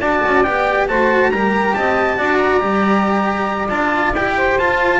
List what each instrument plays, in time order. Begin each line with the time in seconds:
0.00 double bass D4, cello F#4, saxophone D5, trumpet A5
0.26 double bass C#4
0.44 double bass B3, cello G4, trumpet G5
0.88 double bass A3, cello F#4, saxophone C5, trumpet A5
1.31 double bass G3, cello G4, saxophone A#4, trumpet A#5
1.75 double bass C4, saxophone D#5, trumpet A5
2.17 double bass D4, cello F#4, saxophone D5
2.38 trumpet A#5
2.61 double bass G3, cello G4
3.70 double bass D4, cello F4, trumpet A5
4.14 double bass E4, cello G4, trumpet G5
4.37 saxophone C5
4.59 cello F4, double bass F4, trumpet A5